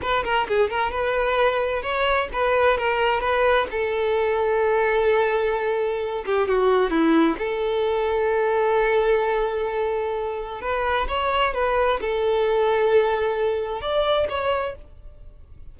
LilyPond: \new Staff \with { instrumentName = "violin" } { \time 4/4 \tempo 4 = 130 b'8 ais'8 gis'8 ais'8 b'2 | cis''4 b'4 ais'4 b'4 | a'1~ | a'4. g'8 fis'4 e'4 |
a'1~ | a'2. b'4 | cis''4 b'4 a'2~ | a'2 d''4 cis''4 | }